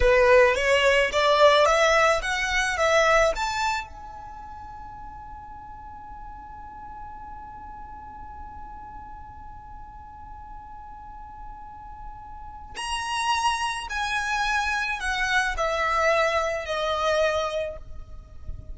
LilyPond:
\new Staff \with { instrumentName = "violin" } { \time 4/4 \tempo 4 = 108 b'4 cis''4 d''4 e''4 | fis''4 e''4 a''4 gis''4~ | gis''1~ | gis''1~ |
gis''1~ | gis''2. ais''4~ | ais''4 gis''2 fis''4 | e''2 dis''2 | }